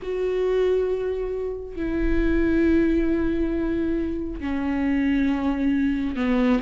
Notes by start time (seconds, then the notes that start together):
0.02 F#4
1.76 E4
4.40 C#4
6.15 B3